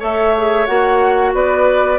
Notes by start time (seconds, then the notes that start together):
0.00 A3 A4 C#5 E5
0.38 G#4
0.67 A#3 F#4 F#5
1.34 B3 B4 D5